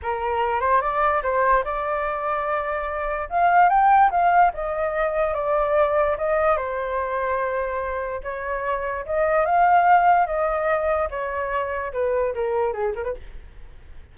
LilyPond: \new Staff \with { instrumentName = "flute" } { \time 4/4 \tempo 4 = 146 ais'4. c''8 d''4 c''4 | d''1 | f''4 g''4 f''4 dis''4~ | dis''4 d''2 dis''4 |
c''1 | cis''2 dis''4 f''4~ | f''4 dis''2 cis''4~ | cis''4 b'4 ais'4 gis'8 ais'16 b'16 | }